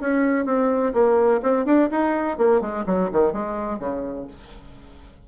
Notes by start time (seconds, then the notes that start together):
0.00 C#4
0.45 C4
0.93 A#3
1.42 C4
1.65 D4
1.91 D#4
2.37 A#3
2.60 G#3
2.86 F#3
3.12 D#3
3.32 G#3
3.79 C#3